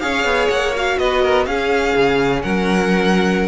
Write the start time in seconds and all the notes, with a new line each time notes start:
0.00 C#4 G#4 C#5 F5
0.24 B3
0.49 A#3 F#5
0.76 F#4 F5
0.98 B3 B4 D#5
1.23 A#4
1.46 C#4 G#4 F5
1.96 C#3
2.42 F#3 A#4 F#5